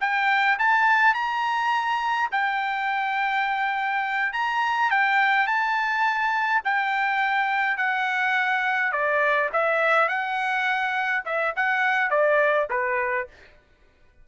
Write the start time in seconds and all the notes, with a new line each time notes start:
0.00 G5
0.59 A5
1.14 A#5
2.32 G5
4.33 A#5
4.91 G5
5.47 A5
6.65 G5
7.77 F#5
8.92 D5
9.53 E5
10.08 F#5
11.25 E5
11.56 F#5
12.10 D5
12.70 B4